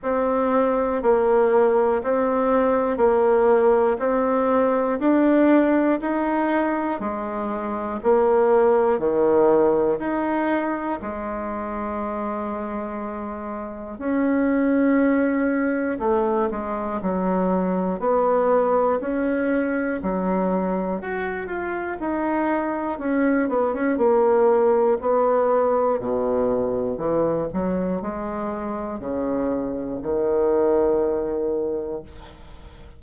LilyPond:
\new Staff \with { instrumentName = "bassoon" } { \time 4/4 \tempo 4 = 60 c'4 ais4 c'4 ais4 | c'4 d'4 dis'4 gis4 | ais4 dis4 dis'4 gis4~ | gis2 cis'2 |
a8 gis8 fis4 b4 cis'4 | fis4 fis'8 f'8 dis'4 cis'8 b16 cis'16 | ais4 b4 b,4 e8 fis8 | gis4 cis4 dis2 | }